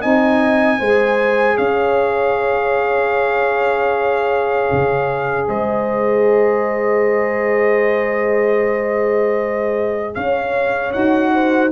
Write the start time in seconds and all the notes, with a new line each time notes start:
0.00 C4 D#4 D#5 G#5
0.79 G#3 G#4 C5
1.57 C#4 C#5 F5
4.72 C#3
5.48 G#3 C5 D#5
10.14 C#4 C#5 F5
10.92 D#4 F#4 F#5
11.34 C5